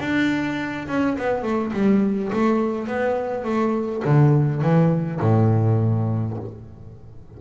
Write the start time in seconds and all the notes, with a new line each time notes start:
0.00 D4
0.88 C#4
1.18 B3
1.43 A3
1.73 G3
2.33 A3
2.88 B3
3.44 A3
4.05 D3
4.62 E3
5.21 A2